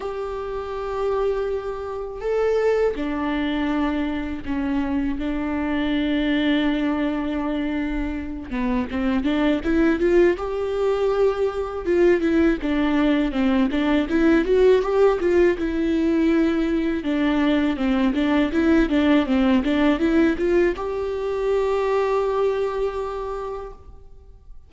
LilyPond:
\new Staff \with { instrumentName = "viola" } { \time 4/4 \tempo 4 = 81 g'2. a'4 | d'2 cis'4 d'4~ | d'2.~ d'8 b8 | c'8 d'8 e'8 f'8 g'2 |
f'8 e'8 d'4 c'8 d'8 e'8 fis'8 | g'8 f'8 e'2 d'4 | c'8 d'8 e'8 d'8 c'8 d'8 e'8 f'8 | g'1 | }